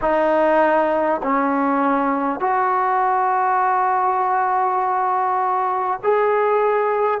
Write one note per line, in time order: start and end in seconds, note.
0.01 1.21 D#4
1.23 2.40 C#4
2.40 6.00 F#4
6.03 7.20 G#4